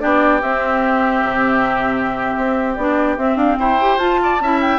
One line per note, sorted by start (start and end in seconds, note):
0.00 0.43 B3
0.00 0.41 D4
0.00 3.59 G4
0.00 0.41 D5
0.42 2.77 C4
0.42 1.23 C4
0.42 2.75 E5
1.23 2.36 C3
2.37 2.78 C4
2.75 3.18 B3
2.75 3.18 D4
2.75 3.16 D5
3.18 3.79 C4
3.18 3.36 C4
3.18 3.37 E5
3.36 3.56 D4
3.36 3.58 F5
3.59 3.98 E4
3.59 4.20 C5
3.59 3.99 G5
3.81 3.99 G4
3.98 4.38 F4
3.98 4.40 F4
3.98 4.60 A5
4.23 4.42 D5
4.40 4.79 C#4
4.40 4.79 E4
4.40 4.79 E5
4.61 4.79 G5